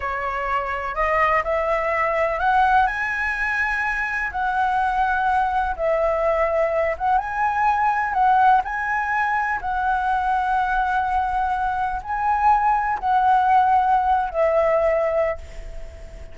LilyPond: \new Staff \with { instrumentName = "flute" } { \time 4/4 \tempo 4 = 125 cis''2 dis''4 e''4~ | e''4 fis''4 gis''2~ | gis''4 fis''2. | e''2~ e''8 fis''8 gis''4~ |
gis''4 fis''4 gis''2 | fis''1~ | fis''4 gis''2 fis''4~ | fis''4.~ fis''16 e''2~ e''16 | }